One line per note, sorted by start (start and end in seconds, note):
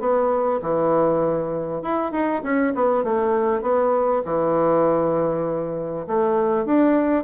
0.00 0.61 B3
0.62 1.82 E3
1.82 2.12 E4
2.12 2.42 D#4
2.43 2.74 C#4
2.75 3.04 B3
3.04 3.62 A3
3.62 4.23 B3
4.25 6.07 E3
6.07 6.66 A3
6.66 7.25 D4